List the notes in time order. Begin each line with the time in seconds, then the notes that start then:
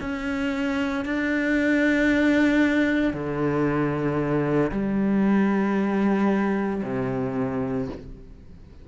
0.00 C#4
1.05 D4
3.13 D3
4.71 G3
6.83 C3